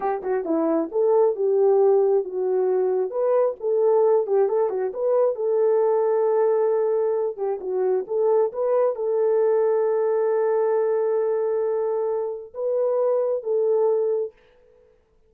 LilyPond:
\new Staff \with { instrumentName = "horn" } { \time 4/4 \tempo 4 = 134 g'8 fis'8 e'4 a'4 g'4~ | g'4 fis'2 b'4 | a'4. g'8 a'8 fis'8 b'4 | a'1~ |
a'8 g'8 fis'4 a'4 b'4 | a'1~ | a'1 | b'2 a'2 | }